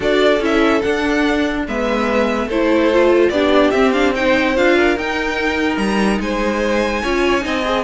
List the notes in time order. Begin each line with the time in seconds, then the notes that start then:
0.00 D4 F#4 A4 D5
0.39 C#4 E4 E5
0.81 D4 F#5
1.67 G#3 B3 B4 E5
2.46 A3 E4 A4 C5
2.92 F4
3.29 B3 D4 G4 D5
3.71 C4 E5
3.92 D4 F5
4.14 D#4 C5 G5
4.55 D4 F4 F5
4.76 A#4
4.96 D#4 G5
5.77 G3 A#5
6.19 G#3 C5 G#5
7.02 C#4 F4 C#5
7.40 C4 D#4 D#5
7.64 G#4